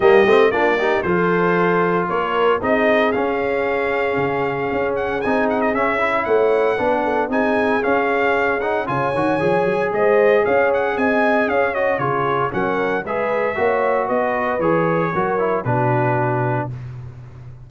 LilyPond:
<<
  \new Staff \with { instrumentName = "trumpet" } { \time 4/4 \tempo 4 = 115 dis''4 d''4 c''2 | cis''4 dis''4 f''2~ | f''4. fis''8 gis''8 fis''16 dis''16 e''4 | fis''2 gis''4 f''4~ |
f''8 fis''8 gis''2 dis''4 | f''8 fis''8 gis''4 f''8 dis''8 cis''4 | fis''4 e''2 dis''4 | cis''2 b'2 | }
  \new Staff \with { instrumentName = "horn" } { \time 4/4 g'4 f'8 g'8 a'2 | ais'4 gis'2.~ | gis'1 | cis''4 b'8 a'8 gis'2~ |
gis'4 cis''2 c''4 | cis''4 dis''4 cis''4 gis'4 | ais'4 b'4 cis''4 b'4~ | b'4 ais'4 fis'2 | }
  \new Staff \with { instrumentName = "trombone" } { \time 4/4 ais8 c'8 d'8 dis'8 f'2~ | f'4 dis'4 cis'2~ | cis'2 dis'4 cis'8 e'8~ | e'4 d'4 dis'4 cis'4~ |
cis'8 dis'8 f'8 fis'8 gis'2~ | gis'2~ gis'8 fis'8 f'4 | cis'4 gis'4 fis'2 | gis'4 fis'8 e'8 d'2 | }
  \new Staff \with { instrumentName = "tuba" } { \time 4/4 g8 a8 ais4 f2 | ais4 c'4 cis'2 | cis4 cis'4 c'4 cis'4 | a4 b4 c'4 cis'4~ |
cis'4 cis8 dis8 f8 fis8 gis4 | cis'4 c'4 cis'4 cis4 | fis4 gis4 ais4 b4 | e4 fis4 b,2 | }
>>